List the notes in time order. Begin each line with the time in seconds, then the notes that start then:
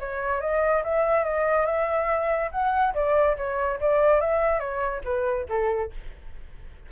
0.00 C#5
0.41 D#5
0.84 E5
1.25 D#5
1.66 E5
2.52 F#5
2.94 D5
3.37 C#5
3.81 D5
4.21 E5
4.60 C#5
5.04 B4
5.49 A4